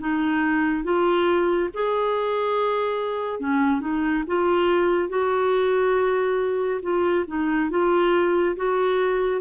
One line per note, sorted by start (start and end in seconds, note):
0.00 0.84 D#4
0.84 1.69 F4
1.74 3.40 G#4
3.40 3.81 C#4
3.81 4.24 D#4
4.27 5.09 F4
5.09 6.81 F#4
6.82 7.25 F4
7.27 7.70 D#4
7.70 8.56 F4
8.56 9.41 F#4